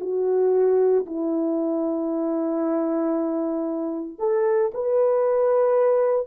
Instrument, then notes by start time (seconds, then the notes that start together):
horn
0.00 F#4
1.06 E4
4.19 A4
4.74 B4